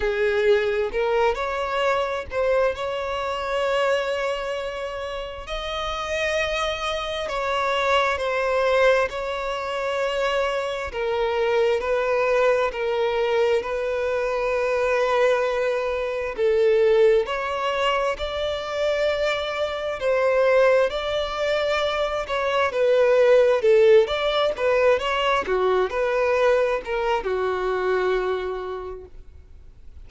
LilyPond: \new Staff \with { instrumentName = "violin" } { \time 4/4 \tempo 4 = 66 gis'4 ais'8 cis''4 c''8 cis''4~ | cis''2 dis''2 | cis''4 c''4 cis''2 | ais'4 b'4 ais'4 b'4~ |
b'2 a'4 cis''4 | d''2 c''4 d''4~ | d''8 cis''8 b'4 a'8 d''8 b'8 cis''8 | fis'8 b'4 ais'8 fis'2 | }